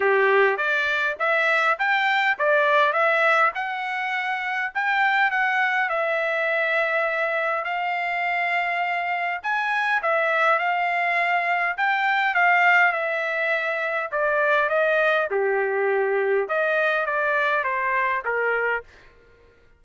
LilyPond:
\new Staff \with { instrumentName = "trumpet" } { \time 4/4 \tempo 4 = 102 g'4 d''4 e''4 g''4 | d''4 e''4 fis''2 | g''4 fis''4 e''2~ | e''4 f''2. |
gis''4 e''4 f''2 | g''4 f''4 e''2 | d''4 dis''4 g'2 | dis''4 d''4 c''4 ais'4 | }